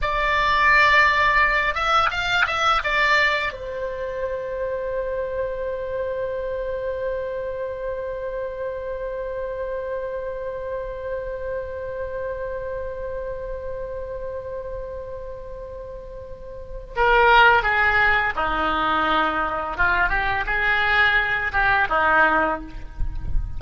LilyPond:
\new Staff \with { instrumentName = "oboe" } { \time 4/4 \tempo 4 = 85 d''2~ d''8 e''8 f''8 e''8 | d''4 c''2.~ | c''1~ | c''1~ |
c''1~ | c''1 | ais'4 gis'4 dis'2 | f'8 g'8 gis'4. g'8 dis'4 | }